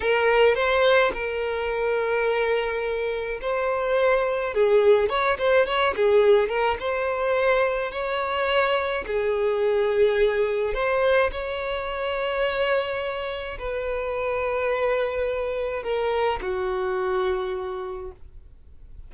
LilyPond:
\new Staff \with { instrumentName = "violin" } { \time 4/4 \tempo 4 = 106 ais'4 c''4 ais'2~ | ais'2 c''2 | gis'4 cis''8 c''8 cis''8 gis'4 ais'8 | c''2 cis''2 |
gis'2. c''4 | cis''1 | b'1 | ais'4 fis'2. | }